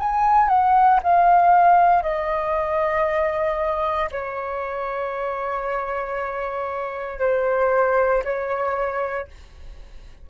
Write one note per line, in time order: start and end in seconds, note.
0.00 0.49 G#5
0.49 1.01 F#5
1.03 2.03 F5
2.03 4.10 D#5
4.12 7.20 C#5
7.20 8.23 C5
8.25 9.28 C#5